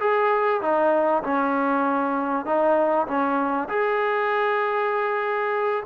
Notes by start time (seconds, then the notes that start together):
0.00 G#4
0.62 D#4
1.23 C#4
2.45 D#4
3.08 C#4
3.69 G#4